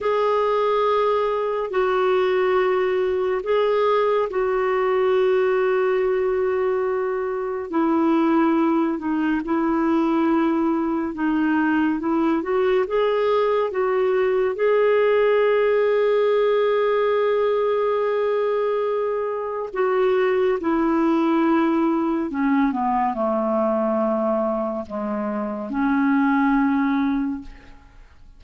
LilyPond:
\new Staff \with { instrumentName = "clarinet" } { \time 4/4 \tempo 4 = 70 gis'2 fis'2 | gis'4 fis'2.~ | fis'4 e'4. dis'8 e'4~ | e'4 dis'4 e'8 fis'8 gis'4 |
fis'4 gis'2.~ | gis'2. fis'4 | e'2 cis'8 b8 a4~ | a4 gis4 cis'2 | }